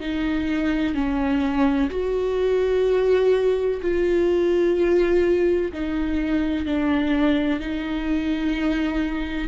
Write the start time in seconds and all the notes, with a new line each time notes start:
0.00 D#4
0.94 C#4
1.90 F#4
3.81 F4
5.72 D#4
6.66 D4
7.60 D#4